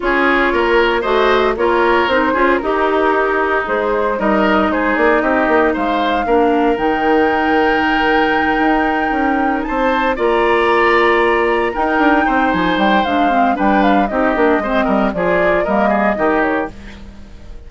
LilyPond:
<<
  \new Staff \with { instrumentName = "flute" } { \time 4/4 \tempo 4 = 115 cis''2 dis''4 cis''4 | c''4 ais'2 c''4 | dis''4 c''8 d''8 dis''4 f''4~ | f''4 g''2.~ |
g''2~ g''8 a''4 ais''8~ | ais''2~ ais''8 g''4. | gis''8 g''8 f''4 g''8 f''8 dis''4~ | dis''4 d''4 dis''4. cis''8 | }
  \new Staff \with { instrumentName = "oboe" } { \time 4/4 gis'4 ais'4 c''4 ais'4~ | ais'8 gis'8 dis'2. | ais'4 gis'4 g'4 c''4 | ais'1~ |
ais'2~ ais'8 c''4 d''8~ | d''2~ d''8 ais'4 c''8~ | c''2 b'4 g'4 | c''8 ais'8 gis'4 ais'8 gis'8 g'4 | }
  \new Staff \with { instrumentName = "clarinet" } { \time 4/4 f'2 fis'4 f'4 | dis'8 f'8 g'2 gis'4 | dis'1 | d'4 dis'2.~ |
dis'2.~ dis'8 f'8~ | f'2~ f'8 dis'4.~ | dis'4 d'8 c'8 d'4 dis'8 d'8 | c'4 f'4 ais4 dis'4 | }
  \new Staff \with { instrumentName = "bassoon" } { \time 4/4 cis'4 ais4 a4 ais4 | c'8 cis'8 dis'2 gis4 | g4 gis8 ais8 c'8 ais8 gis4 | ais4 dis2.~ |
dis8 dis'4 cis'4 c'4 ais8~ | ais2~ ais8 dis'8 d'8 c'8 | f8 g8 gis4 g4 c'8 ais8 | gis8 g8 f4 g4 dis4 | }
>>